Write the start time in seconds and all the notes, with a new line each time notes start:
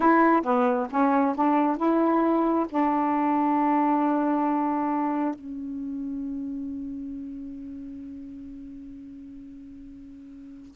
0.00 E4
0.42 B3
0.90 C#4
1.35 D4
1.76 E4
2.69 D4
5.34 C#4